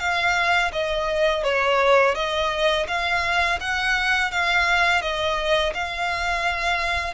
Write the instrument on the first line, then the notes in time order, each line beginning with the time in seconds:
violin
0.00 F5
0.73 D#5
1.44 C#5
2.15 D#5
2.88 F5
3.61 F#5
4.31 F5
5.02 D#5
5.74 F5